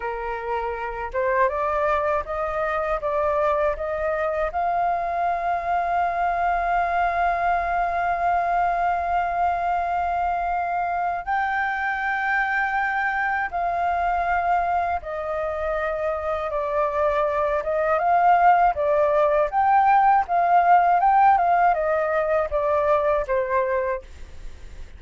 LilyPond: \new Staff \with { instrumentName = "flute" } { \time 4/4 \tempo 4 = 80 ais'4. c''8 d''4 dis''4 | d''4 dis''4 f''2~ | f''1~ | f''2. g''4~ |
g''2 f''2 | dis''2 d''4. dis''8 | f''4 d''4 g''4 f''4 | g''8 f''8 dis''4 d''4 c''4 | }